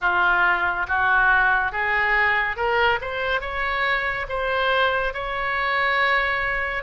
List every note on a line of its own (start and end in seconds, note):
0.01 0.86 F4
0.87 1.71 F#4
1.71 2.56 G#4
2.56 2.99 A#4
3.01 3.41 C5
3.41 4.26 C#5
4.28 5.14 C5
5.14 6.83 C#5